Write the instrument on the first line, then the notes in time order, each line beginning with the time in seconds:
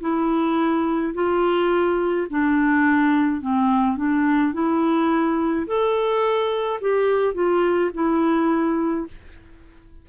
clarinet
0.00 E4
1.14 F4
2.30 D4
3.41 C4
3.96 D4
4.53 E4
5.67 A4
6.80 G4
7.34 F4
7.93 E4